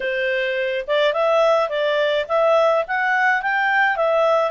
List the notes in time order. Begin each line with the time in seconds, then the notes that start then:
0.00 C5
0.87 D5
1.13 E5
1.69 D5
2.28 E5
2.87 F#5
3.41 G5
3.96 E5